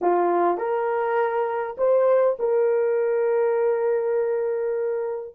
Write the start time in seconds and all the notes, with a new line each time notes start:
0.01 F4
0.57 A#4
1.77 C5
2.39 A#4